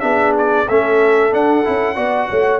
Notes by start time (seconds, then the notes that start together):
0.00 B3 D4 G#4 E5
0.38 D5
0.67 A3 C#4 A4 E5
1.30 D4 F#5
1.65 C#4 E4
1.96 B3 F#4 D5
2.30 A3 C#5